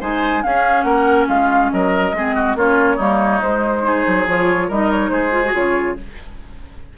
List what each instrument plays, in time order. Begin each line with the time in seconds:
0.00 bassoon G#3, clarinet D#4, oboe C5, flute G#5
0.43 clarinet C#4, bassoon C#4, oboe G#4, flute F5
0.82 bassoon A#3, oboe A#4, flute F#5
1.28 bassoon G#3, oboe F4, flute F5
1.72 bassoon F#3, oboe A#4, flute D#5
2.12 bassoon G#3, clarinet C4, oboe G#4
2.35 oboe F#4
2.55 bassoon A#3, clarinet C#4, oboe F4, flute C#5
2.96 bassoon G3, clarinet A#3, oboe D#4
3.42 bassoon G#3, clarinet G#3, flute C5
3.83 clarinet D#4, oboe G#4
4.07 bassoon F#3
4.27 bassoon F3, clarinet F4, flute C#5
4.68 bassoon G3, clarinet D#4, oboe A#4, flute D#5
4.91 flute C#5
5.09 bassoon G#3, oboe G#4, flute C5
5.32 clarinet F4
5.45 clarinet F#4
5.54 bassoon C#3, clarinet F4, flute C#5